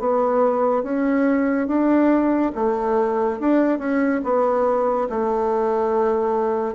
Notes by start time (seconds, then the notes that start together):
0.00 B3
0.83 C#4
1.67 D4
2.55 A3
3.40 D4
3.79 C#4
4.24 B3
5.10 A3